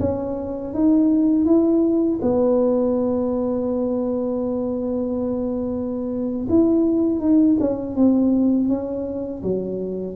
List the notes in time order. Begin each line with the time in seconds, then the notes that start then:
0.00 C#4
0.74 D#4
1.45 E4
2.22 B3
6.49 E4
7.20 D#4
7.60 C#4
7.96 C4
8.69 C#4
9.43 F#3